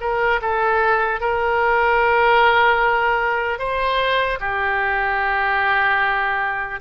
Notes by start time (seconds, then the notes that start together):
0.00 A#4
0.41 A4
1.20 A#4
3.58 C5
4.40 G4